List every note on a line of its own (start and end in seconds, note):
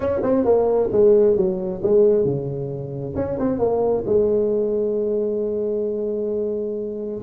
0.00 0.20 C#4
0.22 0.44 C4
0.44 0.89 A#3
0.91 1.36 G#3
1.36 1.81 F#3
1.83 2.25 G#3
2.25 3.15 C#3
3.15 3.38 C#4
3.39 3.59 C4
3.59 4.04 A#3
4.06 7.22 G#3